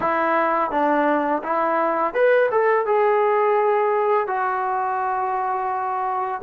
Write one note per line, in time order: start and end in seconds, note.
0.00 0.70 E4
0.70 1.42 D4
1.43 2.14 E4
2.14 2.49 B4
2.51 2.86 A4
2.86 4.27 G#4
4.27 6.41 F#4